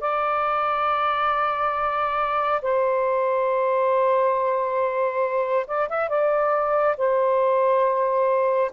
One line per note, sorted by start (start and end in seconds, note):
0.00 2.61 D5
2.62 5.66 C5
5.67 5.89 D5
5.89 6.09 E5
6.09 6.96 D5
6.98 8.72 C5